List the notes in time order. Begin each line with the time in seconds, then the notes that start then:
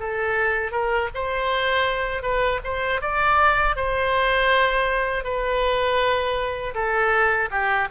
0.00 A4
0.72 A#4
1.15 C5
2.23 B4
2.65 C5
3.01 D5
3.76 C5
5.24 B4
6.75 A4
7.51 G4